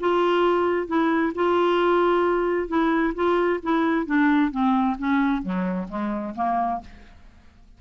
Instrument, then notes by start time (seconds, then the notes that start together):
clarinet
0.00 F4
0.87 E4
1.35 F4
2.68 E4
3.15 F4
3.63 E4
4.06 D4
4.51 C4
4.99 C#4
5.42 F#3
5.89 G#3
6.35 A#3